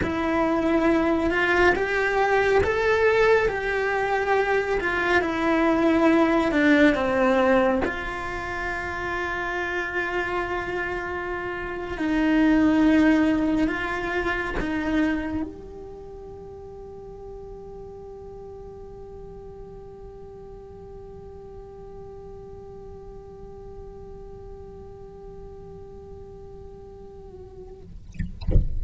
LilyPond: \new Staff \with { instrumentName = "cello" } { \time 4/4 \tempo 4 = 69 e'4. f'8 g'4 a'4 | g'4. f'8 e'4. d'8 | c'4 f'2.~ | f'4.~ f'16 dis'2 f'16~ |
f'8. dis'4 g'2~ g'16~ | g'1~ | g'1~ | g'1 | }